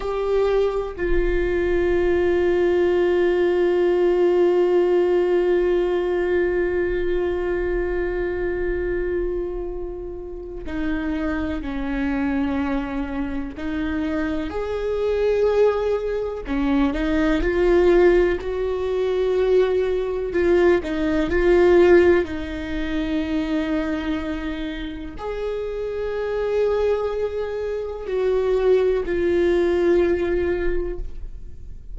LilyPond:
\new Staff \with { instrumentName = "viola" } { \time 4/4 \tempo 4 = 62 g'4 f'2.~ | f'1~ | f'2. dis'4 | cis'2 dis'4 gis'4~ |
gis'4 cis'8 dis'8 f'4 fis'4~ | fis'4 f'8 dis'8 f'4 dis'4~ | dis'2 gis'2~ | gis'4 fis'4 f'2 | }